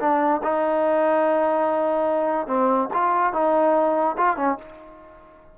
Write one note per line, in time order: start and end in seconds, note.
0.00 0.42 D4
0.43 2.47 D#4
2.47 2.89 C4
2.94 3.33 F4
3.33 4.17 D#4
4.18 4.37 F4
4.37 4.58 C#4